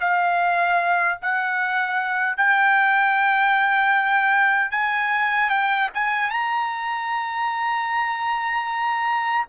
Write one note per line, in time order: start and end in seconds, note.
0.00 1.18 F5
1.21 2.36 F#5
2.36 4.70 G5
4.70 5.49 G#5
5.49 5.89 G5
5.94 6.30 G#5
6.30 9.46 A#5